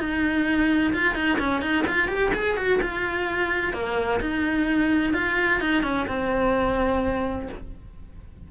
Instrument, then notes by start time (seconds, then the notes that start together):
cello
0.00 D#4
0.94 F4
1.15 D#4
1.40 C#4
1.62 D#4
1.88 F4
2.09 G4
2.34 G#4
2.57 F#4
2.83 F4
3.74 A#3
4.21 D#4
5.14 F4
5.61 D#4
5.84 C#4
6.08 C4